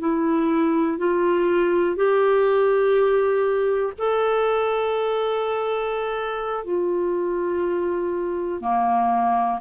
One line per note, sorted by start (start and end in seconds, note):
0.00 0.98 E4
0.98 1.96 F4
1.96 3.93 G4
3.98 6.64 A4
6.64 8.61 F4
8.61 9.59 A#3